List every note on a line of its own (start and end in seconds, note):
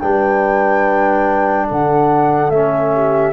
0.00 1.70 G3
0.00 2.52 D4
0.00 1.68 B4
0.00 1.67 G5
1.68 2.51 D3
1.68 2.93 A4
1.68 2.51 F#5
2.51 3.33 A3
2.51 3.33 C#4
2.51 3.33 E5
2.94 3.33 G4